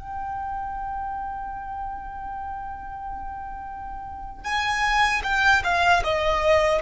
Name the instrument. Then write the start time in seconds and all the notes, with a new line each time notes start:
violin
0.00 G5
4.45 G#5
5.24 G5
5.64 F5
6.04 D#5